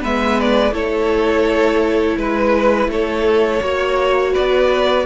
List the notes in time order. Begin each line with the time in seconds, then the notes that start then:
0.00 G#3 B3 B4 E5
0.40 D5
0.72 A3 E4 A4 C#5
2.17 G#3 B4
2.88 A3 A4 C#5
3.61 A#3 F#4 C#5
4.32 B3 B4 D5